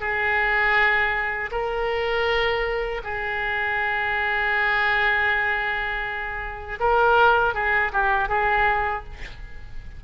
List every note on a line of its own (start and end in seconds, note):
0.00 1.50 G#4
1.51 3.01 A#4
3.03 6.78 G#4
6.80 7.54 A#4
7.54 7.92 G#4
7.92 8.28 G4
8.28 9.03 G#4